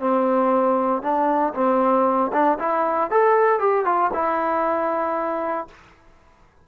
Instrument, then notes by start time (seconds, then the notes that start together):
trombone
0.00 C4
1.02 D4
1.55 C4
2.33 D4
2.59 E4
3.11 A4
3.60 G4
3.85 F4
4.14 E4